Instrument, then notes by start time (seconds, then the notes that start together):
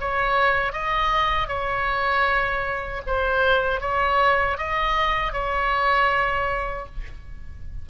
oboe
0.00 C#5
0.72 D#5
1.48 C#5
3.06 C5
3.81 C#5
4.58 D#5
5.33 C#5